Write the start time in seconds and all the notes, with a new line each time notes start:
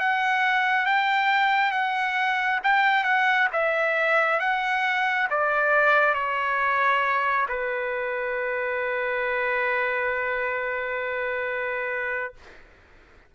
0.00 F#5
0.86 G5
1.72 F#5
2.64 G5
3.04 F#5
3.53 E5
4.40 F#5
5.31 D5
6.15 C#5
7.49 B4